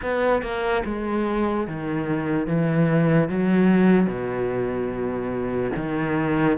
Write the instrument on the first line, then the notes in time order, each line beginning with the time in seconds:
cello
0.01 B3
0.42 A#3
0.85 G#3
1.67 D#3
2.47 E3
3.28 F#3
4.06 B2
5.75 D#3